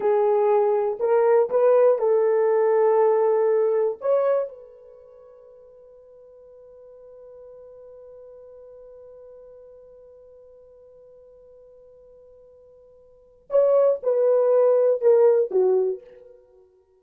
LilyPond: \new Staff \with { instrumentName = "horn" } { \time 4/4 \tempo 4 = 120 gis'2 ais'4 b'4 | a'1 | cis''4 b'2.~ | b'1~ |
b'1~ | b'1~ | b'2. cis''4 | b'2 ais'4 fis'4 | }